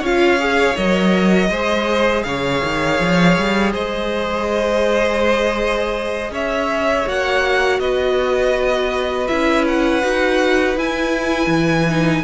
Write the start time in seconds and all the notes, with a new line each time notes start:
0.00 C#4 F4 C#5 F5
0.39 G#4
0.76 F#3 A#4 D#5
1.49 G#3 G#4 C5
2.23 C#3 C#5 F5
2.63 D#3
3.00 F3
3.38 G3
3.72 G#3 C5 D#5
6.30 C#4 C#5 E5
7.06 A#3 F#4 F#5
7.79 B3 B4 D#5
9.27 C#4 E4 E5
9.67 F#5
10.02 D#4 F#4
10.76 E4 G#5
11.46 E3
11.88 D#4